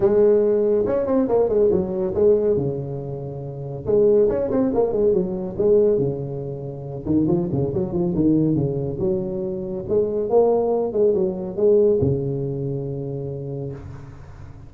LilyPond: \new Staff \with { instrumentName = "tuba" } { \time 4/4 \tempo 4 = 140 gis2 cis'8 c'8 ais8 gis8 | fis4 gis4 cis2~ | cis4 gis4 cis'8 c'8 ais8 gis8 | fis4 gis4 cis2~ |
cis8 dis8 f8 cis8 fis8 f8 dis4 | cis4 fis2 gis4 | ais4. gis8 fis4 gis4 | cis1 | }